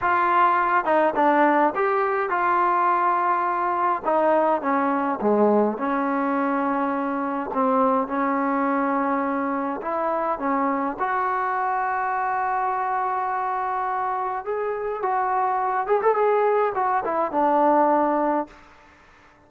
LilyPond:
\new Staff \with { instrumentName = "trombone" } { \time 4/4 \tempo 4 = 104 f'4. dis'8 d'4 g'4 | f'2. dis'4 | cis'4 gis4 cis'2~ | cis'4 c'4 cis'2~ |
cis'4 e'4 cis'4 fis'4~ | fis'1~ | fis'4 gis'4 fis'4. gis'16 a'16 | gis'4 fis'8 e'8 d'2 | }